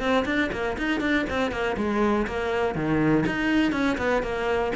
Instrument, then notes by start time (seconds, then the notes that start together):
cello
0.00 C4
0.26 D4
0.52 A#3
0.78 D#4
1.01 D4
1.30 C4
1.52 A#3
1.77 G#3
2.27 A#3
2.75 D#3
3.27 D#4
3.73 C#4
3.98 B3
4.23 A#3